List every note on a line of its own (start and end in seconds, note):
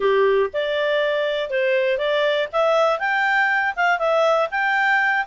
0.00 0.50 G4
0.53 1.50 D5
1.50 1.98 C5
1.98 2.48 D5
2.52 2.99 E5
2.99 3.74 G5
3.76 3.98 F5
3.98 4.48 E5
4.50 5.25 G5